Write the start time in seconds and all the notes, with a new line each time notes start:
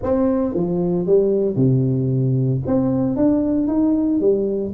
0.02 C4
0.54 F3
1.06 G3
1.56 C3
2.66 C4
3.16 D4
3.67 D#4
4.20 G3